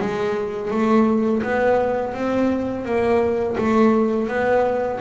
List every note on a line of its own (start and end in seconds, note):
0.00 0.71 G#3
0.71 1.43 A3
1.43 2.14 B3
2.14 2.85 C4
2.85 3.57 A#3
3.58 4.28 A3
4.28 5.00 B3